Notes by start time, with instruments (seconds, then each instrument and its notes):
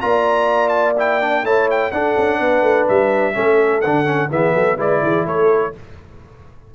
0.00 tuba A#3, trombone F4, horn D5, trumpet A#5
0.69 trumpet A5
0.98 trombone E4, trumpet G5
1.21 trombone D4
1.44 tuba A3, trombone E4, horn C#5, trumpet A5
1.71 trumpet G5
1.92 tuba D4, trombone D4, horn A4, trumpet F#5
2.17 tuba C#4
2.38 tuba B3, horn B4
2.62 tuba A3
2.88 tuba G3, trumpet E5
3.34 tuba A3, trombone C#4, horn A4
3.81 tuba D3, trombone D4, trumpet F#5
4.05 trombone C#4
4.31 tuba E3, trombone B3, horn G#4, trumpet E5
4.54 tuba F#3, horn A4
4.77 tuba G#3, trombone E4, horn B4, trumpet D5
5.03 tuba E3, horn G#4
5.26 tuba A3, horn A4, trumpet C#5